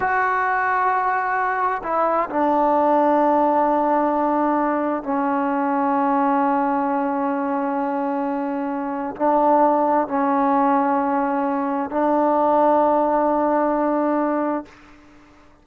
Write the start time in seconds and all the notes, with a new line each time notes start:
0.00 F#4
1.83 E4
2.29 D4
5.03 C#4
9.16 D4
10.07 C#4
11.90 D4